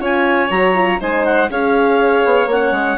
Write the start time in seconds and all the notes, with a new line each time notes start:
0.00 C#4 F4 C#5 G#5
0.51 F#3 F#4 A#5
0.75 F4
1.00 G#3 D#4 C5 G#5
1.25 F#5
1.50 C#4 G#4 C#5 F5
2.25 B3
2.47 A#3 C#4 F#5
2.72 G#3